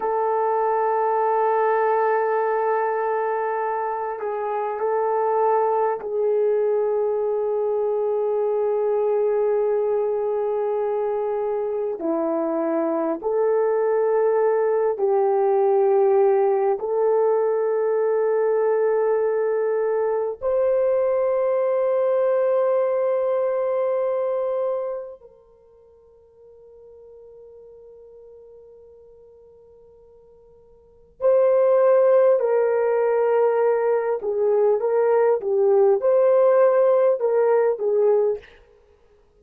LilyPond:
\new Staff \with { instrumentName = "horn" } { \time 4/4 \tempo 4 = 50 a'2.~ a'8 gis'8 | a'4 gis'2.~ | gis'2 e'4 a'4~ | a'8 g'4. a'2~ |
a'4 c''2.~ | c''4 ais'2.~ | ais'2 c''4 ais'4~ | ais'8 gis'8 ais'8 g'8 c''4 ais'8 gis'8 | }